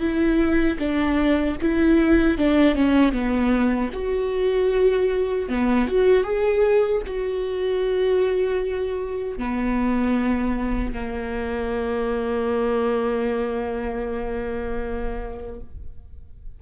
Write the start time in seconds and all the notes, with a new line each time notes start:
0.00 E4
0.79 D4
1.62 E4
2.38 D4
2.76 C#4
3.12 B3
3.93 F#4
5.49 B3
5.88 F#4
6.24 G#4
7.07 F#4
9.38 B3
10.94 A#3